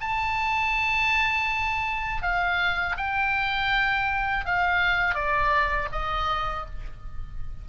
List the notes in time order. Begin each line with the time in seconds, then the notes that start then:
0.00 A5
2.22 F5
2.97 G5
4.45 F5
5.14 D5
5.91 D#5